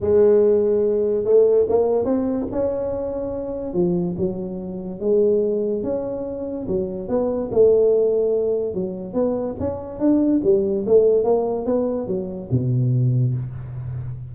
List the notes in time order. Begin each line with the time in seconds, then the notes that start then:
0.01 G#3
1.24 A3
1.69 A#3
2.05 C4
2.51 C#4
3.73 F3
4.17 F#3
5.00 G#3
5.83 C#4
6.67 F#3
7.08 B3
7.51 A3
8.74 F#3
9.13 B3
9.59 C#4
9.99 D4
10.43 G3
10.86 A3
11.24 A#3
11.65 B3
12.07 F#3
12.51 B2